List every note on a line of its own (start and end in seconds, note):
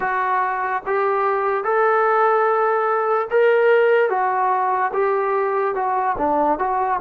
0.00 0.82 F#4
0.86 1.64 G4
1.64 3.28 A4
3.30 4.09 A#4
4.09 4.91 F#4
4.93 5.75 G4
5.75 6.16 F#4
6.18 6.58 D4
6.58 6.99 F#4